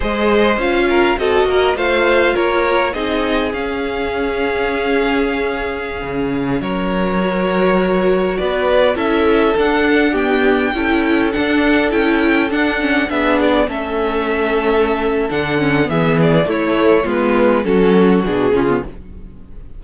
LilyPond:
<<
  \new Staff \with { instrumentName = "violin" } { \time 4/4 \tempo 4 = 102 dis''4 f''4 dis''4 f''4 | cis''4 dis''4 f''2~ | f''2.~ f''16 cis''8.~ | cis''2~ cis''16 d''4 e''8.~ |
e''16 fis''4 g''2 fis''8.~ | fis''16 g''4 fis''4 e''8 d''8 e''8.~ | e''2 fis''4 e''8 d''8 | cis''4 b'4 a'4 gis'4 | }
  \new Staff \with { instrumentName = "violin" } { \time 4/4 c''4. ais'8 a'8 ais'8 c''4 | ais'4 gis'2.~ | gis'2.~ gis'16 ais'8.~ | ais'2~ ais'16 b'4 a'8.~ |
a'4~ a'16 g'4 a'4.~ a'16~ | a'2~ a'16 gis'4 a'8.~ | a'2. gis'4 | e'4 f'4 fis'4. f'8 | }
  \new Staff \with { instrumentName = "viola" } { \time 4/4 gis'4 f'4 fis'4 f'4~ | f'4 dis'4 cis'2~ | cis'1~ | cis'16 fis'2. e'8.~ |
e'16 d'4 b4 e'4 d'8.~ | d'16 e'4 d'8 cis'8 d'4 cis'8.~ | cis'2 d'8 cis'8 b4 | a4 b4 cis'4 d'8 cis'16 b16 | }
  \new Staff \with { instrumentName = "cello" } { \time 4/4 gis4 cis'4 c'8 ais8 a4 | ais4 c'4 cis'2~ | cis'2~ cis'16 cis4 fis8.~ | fis2~ fis16 b4 cis'8.~ |
cis'16 d'2 cis'4 d'8.~ | d'16 cis'4 d'4 b4 a8.~ | a2 d4 e4 | a4 gis4 fis4 b,8 cis8 | }
>>